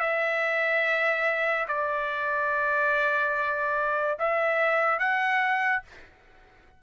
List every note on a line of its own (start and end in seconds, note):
0.00 1.67 E5
1.68 4.18 D5
4.19 4.99 E5
4.99 5.83 F#5